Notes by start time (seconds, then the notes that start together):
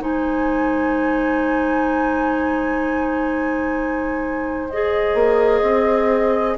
0.00 G#3 D#4 C5 G#5
4.70 G#4 D#5
5.14 A#3
5.62 C4